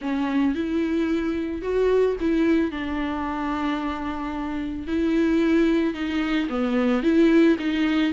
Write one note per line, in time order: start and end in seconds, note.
0.01 0.54 C#4
0.54 1.61 E4
1.61 2.15 F#4
2.20 2.71 E4
2.71 4.87 D4
4.87 5.94 E4
5.94 6.48 D#4
6.49 7.02 B3
7.02 7.57 E4
7.58 8.12 D#4